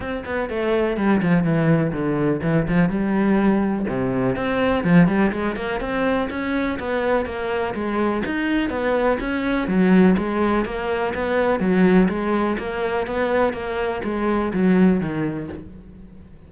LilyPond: \new Staff \with { instrumentName = "cello" } { \time 4/4 \tempo 4 = 124 c'8 b8 a4 g8 f8 e4 | d4 e8 f8 g2 | c4 c'4 f8 g8 gis8 ais8 | c'4 cis'4 b4 ais4 |
gis4 dis'4 b4 cis'4 | fis4 gis4 ais4 b4 | fis4 gis4 ais4 b4 | ais4 gis4 fis4 dis4 | }